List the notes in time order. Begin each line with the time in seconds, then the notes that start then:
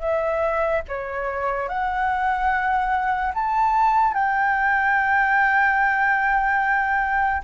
0.00 E5
0.89 C#5
1.69 F#5
3.35 A5
4.14 G5